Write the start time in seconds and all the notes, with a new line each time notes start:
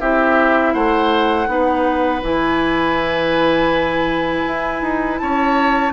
0.00 C4 E4 G4 E5
0.73 A3 C5 F#5
1.46 B3 D#4 B4
2.22 E3 E4 G#5
4.47 E4
4.82 D#4
5.18 C#4 C#5 A5